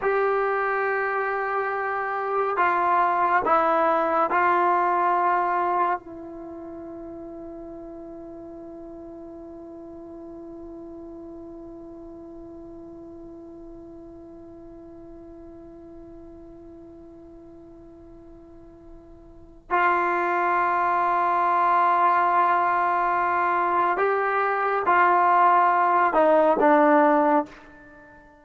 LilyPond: \new Staff \with { instrumentName = "trombone" } { \time 4/4 \tempo 4 = 70 g'2. f'4 | e'4 f'2 e'4~ | e'1~ | e'1~ |
e'1~ | e'2. f'4~ | f'1 | g'4 f'4. dis'8 d'4 | }